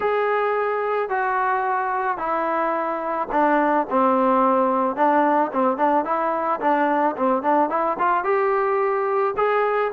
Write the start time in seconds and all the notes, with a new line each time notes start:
0.00 G#4
1.09 F#4
2.17 E4
3.32 D4
3.90 C4
4.96 D4
5.52 C4
5.77 D4
6.04 E4
6.60 D4
7.16 C4
7.42 D4
7.69 E4
7.98 F4
8.24 G4
9.36 G#4